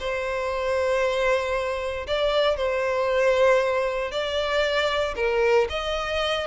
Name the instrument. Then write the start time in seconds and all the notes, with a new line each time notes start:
violin
0.00 C5
2.07 D5
2.57 C5
4.12 D5
5.16 A#4
5.70 D#5